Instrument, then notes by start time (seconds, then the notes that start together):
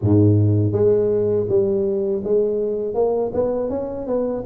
tuba
0.01 G#2
0.72 G#3
1.48 G3
2.24 G#3
2.94 A#3
3.33 B3
3.69 C#4
4.06 B3